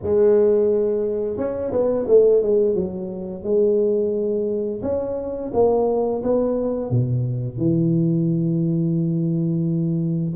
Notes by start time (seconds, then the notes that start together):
0.02 G#3
1.37 C#4
1.71 B3
2.07 A3
2.42 G#3
2.75 F#3
3.43 G#3
4.82 C#4
5.53 A#3
6.23 B3
6.90 B2
7.57 E3